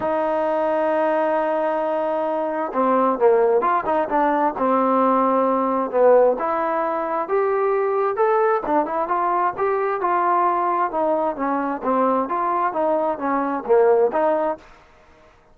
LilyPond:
\new Staff \with { instrumentName = "trombone" } { \time 4/4 \tempo 4 = 132 dis'1~ | dis'2 c'4 ais4 | f'8 dis'8 d'4 c'2~ | c'4 b4 e'2 |
g'2 a'4 d'8 e'8 | f'4 g'4 f'2 | dis'4 cis'4 c'4 f'4 | dis'4 cis'4 ais4 dis'4 | }